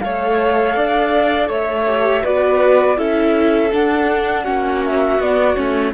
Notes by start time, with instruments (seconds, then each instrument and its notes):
0.00 cello A3, viola A4, violin C#5, flute F5
0.76 cello D4, violin D5
1.49 cello A3, violin C#5, flute E5
1.87 viola G4
2.23 cello B3, viola F#4, violin B4, flute D5
2.96 cello C#4, viola E4, violin A4, flute E5
3.72 viola D4, cello D4, flute F#5
4.44 cello A#3, viola C#4, violin F#4
4.85 flute E5
5.19 cello B3, viola B3, flute D5
5.56 cello A3, viola C#4, flute C#5